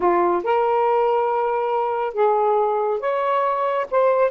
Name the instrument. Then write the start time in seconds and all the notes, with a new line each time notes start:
saxophone
0.00 F4
0.43 A#4
2.13 G#4
3.00 C#5
3.90 C5